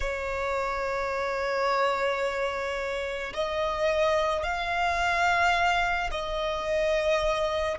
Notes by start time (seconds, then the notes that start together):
0.00 C#5
3.33 D#5
4.43 F5
6.11 D#5